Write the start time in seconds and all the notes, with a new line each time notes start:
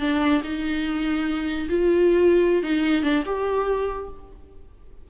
0.00 D4
0.43 D#4
1.69 F4
2.62 D#4
3.03 D4
3.25 G4